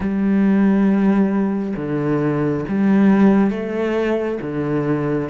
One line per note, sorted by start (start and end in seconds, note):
0.00 1.74 G3
1.76 2.64 D3
2.68 3.50 G3
3.50 4.38 A3
4.41 5.29 D3